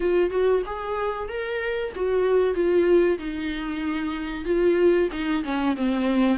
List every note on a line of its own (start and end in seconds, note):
0.00 0.30 F4
0.30 0.62 F#4
0.66 1.28 G#4
1.28 1.92 A#4
1.95 2.54 F#4
2.54 3.18 F4
3.18 4.44 D#4
4.44 5.08 F4
5.12 5.43 D#4
5.44 5.76 C#4
5.76 6.37 C4